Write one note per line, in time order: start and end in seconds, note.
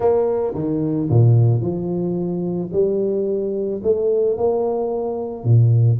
0.00 0.54 A#3
0.54 1.08 D#3
1.09 1.61 A#2
1.61 2.70 F3
2.72 3.81 G3
3.83 4.37 A3
4.37 5.44 A#3
5.44 5.98 A#2